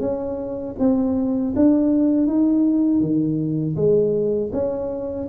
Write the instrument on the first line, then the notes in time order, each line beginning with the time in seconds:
tuba
0.00 C#4
0.79 C4
1.55 D4
2.27 D#4
3.00 D#3
3.76 G#3
4.52 C#4